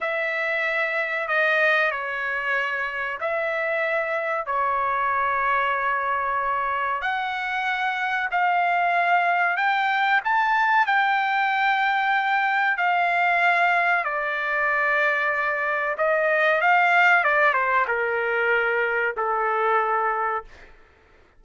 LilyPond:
\new Staff \with { instrumentName = "trumpet" } { \time 4/4 \tempo 4 = 94 e''2 dis''4 cis''4~ | cis''4 e''2 cis''4~ | cis''2. fis''4~ | fis''4 f''2 g''4 |
a''4 g''2. | f''2 d''2~ | d''4 dis''4 f''4 d''8 c''8 | ais'2 a'2 | }